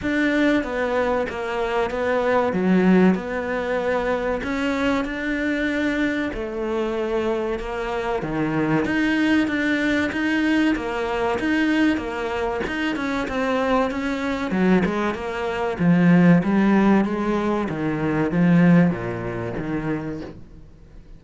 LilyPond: \new Staff \with { instrumentName = "cello" } { \time 4/4 \tempo 4 = 95 d'4 b4 ais4 b4 | fis4 b2 cis'4 | d'2 a2 | ais4 dis4 dis'4 d'4 |
dis'4 ais4 dis'4 ais4 | dis'8 cis'8 c'4 cis'4 fis8 gis8 | ais4 f4 g4 gis4 | dis4 f4 ais,4 dis4 | }